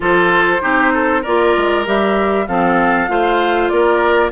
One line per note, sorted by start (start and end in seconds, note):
0.00 0.60 F3
0.00 0.59 F4
0.00 0.62 A4
0.00 1.23 C5
0.60 1.25 C4
0.60 1.22 D#4
0.60 0.93 G4
0.93 1.22 A4
1.22 1.57 A#3
1.22 1.85 F4
1.22 2.45 A#4
1.22 1.85 D5
1.57 1.86 G#3
1.85 2.48 G3
1.85 2.47 G4
1.85 2.47 E5
2.47 3.09 F3
2.47 3.08 C4
2.47 3.10 A4
2.47 3.68 F5
3.08 3.70 A3
3.08 4.31 F4
3.08 3.72 C5
3.68 4.31 A#3
3.68 4.31 A#4
3.68 4.30 D5